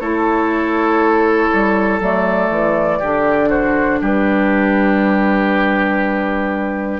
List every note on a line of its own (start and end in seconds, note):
0.00 1.51 A3
0.00 2.01 E4
0.00 2.99 A4
0.00 2.00 C#5
1.53 2.00 G3
2.00 2.50 F#3
2.00 3.01 A3
2.00 3.50 D5
2.50 3.00 E3
2.99 4.00 D3
2.99 7.00 D4
2.99 3.49 G4
3.49 3.99 F#4
3.49 4.00 C5
4.00 7.00 G3
4.00 7.00 G4
4.00 7.00 B4